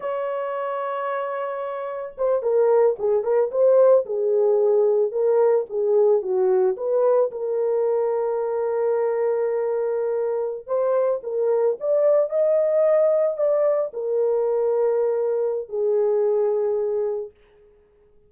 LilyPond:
\new Staff \with { instrumentName = "horn" } { \time 4/4 \tempo 4 = 111 cis''1 | c''8 ais'4 gis'8 ais'8 c''4 gis'8~ | gis'4. ais'4 gis'4 fis'8~ | fis'8 b'4 ais'2~ ais'8~ |
ais'2.~ ais'8. c''16~ | c''8. ais'4 d''4 dis''4~ dis''16~ | dis''8. d''4 ais'2~ ais'16~ | ais'4 gis'2. | }